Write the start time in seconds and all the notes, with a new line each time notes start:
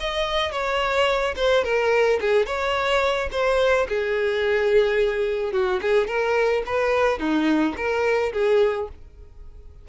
0.00 D#5
0.51 C#5
1.36 C5
1.64 A#4
2.21 G#4
2.46 C#5
3.32 C5
3.88 G#4
5.52 F#4
5.82 G#4
6.07 A#4
6.66 B4
7.19 D#4
7.77 A#4
8.33 G#4